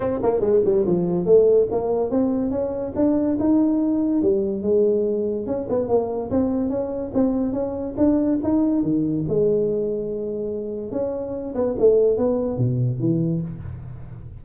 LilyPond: \new Staff \with { instrumentName = "tuba" } { \time 4/4 \tempo 4 = 143 c'8 ais8 gis8 g8 f4 a4 | ais4 c'4 cis'4 d'4 | dis'2 g4 gis4~ | gis4 cis'8 b8 ais4 c'4 |
cis'4 c'4 cis'4 d'4 | dis'4 dis4 gis2~ | gis2 cis'4. b8 | a4 b4 b,4 e4 | }